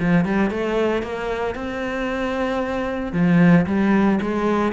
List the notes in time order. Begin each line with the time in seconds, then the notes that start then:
0.00 F3
0.25 G3
0.50 A3
1.03 A#3
1.55 C4
3.13 F3
3.66 G3
4.22 G#3